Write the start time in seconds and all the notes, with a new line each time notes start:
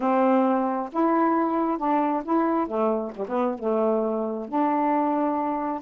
0.00 C4
0.92 E4
1.77 D4
2.24 E4
2.67 A3
3.15 G3
3.28 B3
3.58 A3
4.48 D4